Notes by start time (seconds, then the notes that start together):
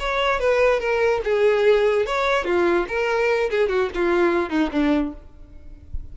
0.00 C#5
0.40 B4
0.80 A#4
1.24 G#4
2.06 C#5
2.45 F4
2.88 A#4
3.51 G#4
3.69 F#4
3.95 F4
4.50 D#4
4.72 D4